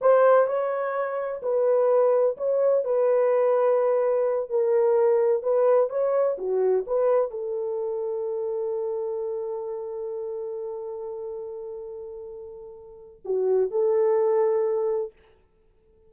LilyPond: \new Staff \with { instrumentName = "horn" } { \time 4/4 \tempo 4 = 127 c''4 cis''2 b'4~ | b'4 cis''4 b'2~ | b'4. ais'2 b'8~ | b'8 cis''4 fis'4 b'4 a'8~ |
a'1~ | a'1~ | a'1 | fis'4 a'2. | }